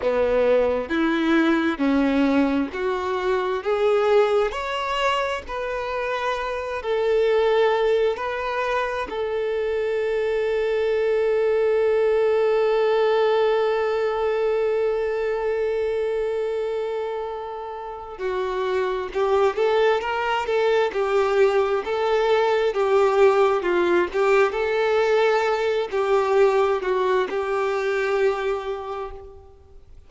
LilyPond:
\new Staff \with { instrumentName = "violin" } { \time 4/4 \tempo 4 = 66 b4 e'4 cis'4 fis'4 | gis'4 cis''4 b'4. a'8~ | a'4 b'4 a'2~ | a'1~ |
a'1 | fis'4 g'8 a'8 ais'8 a'8 g'4 | a'4 g'4 f'8 g'8 a'4~ | a'8 g'4 fis'8 g'2 | }